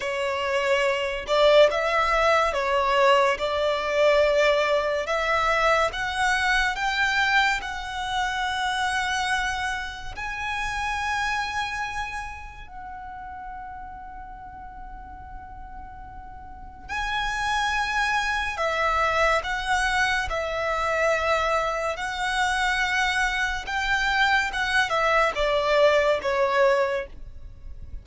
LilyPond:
\new Staff \with { instrumentName = "violin" } { \time 4/4 \tempo 4 = 71 cis''4. d''8 e''4 cis''4 | d''2 e''4 fis''4 | g''4 fis''2. | gis''2. fis''4~ |
fis''1 | gis''2 e''4 fis''4 | e''2 fis''2 | g''4 fis''8 e''8 d''4 cis''4 | }